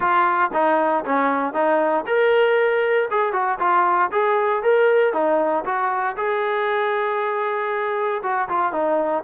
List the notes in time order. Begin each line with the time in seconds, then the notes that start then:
0.00 F4
0.53 D#4
1.05 C#4
1.53 D#4
2.06 A#4
3.10 G#4
3.32 F#4
3.59 F4
4.11 G#4
4.62 A#4
5.13 D#4
5.64 F#4
6.17 G#4
8.22 F#4
8.48 F4
8.72 D#4